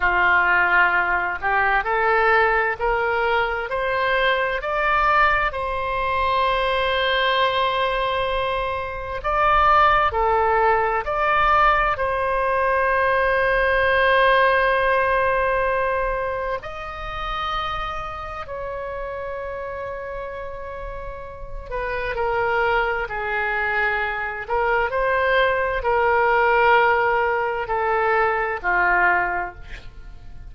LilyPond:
\new Staff \with { instrumentName = "oboe" } { \time 4/4 \tempo 4 = 65 f'4. g'8 a'4 ais'4 | c''4 d''4 c''2~ | c''2 d''4 a'4 | d''4 c''2.~ |
c''2 dis''2 | cis''2.~ cis''8 b'8 | ais'4 gis'4. ais'8 c''4 | ais'2 a'4 f'4 | }